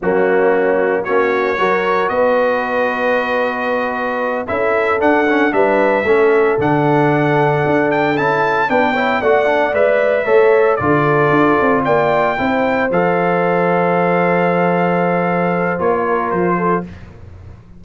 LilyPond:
<<
  \new Staff \with { instrumentName = "trumpet" } { \time 4/4 \tempo 4 = 114 fis'2 cis''2 | dis''1~ | dis''8 e''4 fis''4 e''4.~ | e''8 fis''2~ fis''8 g''8 a''8~ |
a''8 g''4 fis''4 e''4.~ | e''8 d''2 g''4.~ | g''8 f''2.~ f''8~ | f''2 cis''4 c''4 | }
  \new Staff \with { instrumentName = "horn" } { \time 4/4 cis'2 fis'4 ais'4 | b'1~ | b'8 a'2 b'4 a'8~ | a'1~ |
a'8 b'8 cis''8 d''2 cis''8~ | cis''8 a'2 d''4 c''8~ | c''1~ | c''2~ c''8 ais'4 a'8 | }
  \new Staff \with { instrumentName = "trombone" } { \time 4/4 ais2 cis'4 fis'4~ | fis'1~ | fis'8 e'4 d'8 cis'8 d'4 cis'8~ | cis'8 d'2. e'8~ |
e'8 d'8 e'8 fis'8 d'8 b'4 a'8~ | a'8 f'2. e'8~ | e'8 a'2.~ a'8~ | a'2 f'2 | }
  \new Staff \with { instrumentName = "tuba" } { \time 4/4 fis2 ais4 fis4 | b1~ | b8 cis'4 d'4 g4 a8~ | a8 d2 d'4 cis'8~ |
cis'8 b4 a4 gis4 a8~ | a8 d4 d'8 c'8 ais4 c'8~ | c'8 f2.~ f8~ | f2 ais4 f4 | }
>>